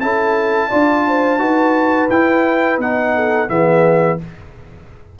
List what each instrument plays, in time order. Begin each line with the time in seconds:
0.00 tuba C#4, trombone E4, horn A4, trumpet A5
0.68 tuba D4, trombone F4, horn D5
1.07 horn C5
1.38 tuba D#4, trombone F#4, horn B4
2.09 tuba E4, trombone E4, trumpet G5
2.78 tuba B3, trombone D#4, trumpet F#5
3.15 horn A4
3.49 tuba E3, trombone B3, horn G#4, trumpet E5